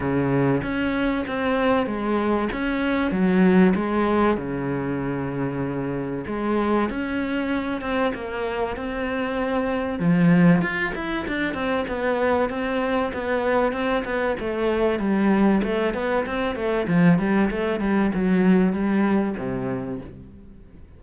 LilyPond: \new Staff \with { instrumentName = "cello" } { \time 4/4 \tempo 4 = 96 cis4 cis'4 c'4 gis4 | cis'4 fis4 gis4 cis4~ | cis2 gis4 cis'4~ | cis'8 c'8 ais4 c'2 |
f4 f'8 e'8 d'8 c'8 b4 | c'4 b4 c'8 b8 a4 | g4 a8 b8 c'8 a8 f8 g8 | a8 g8 fis4 g4 c4 | }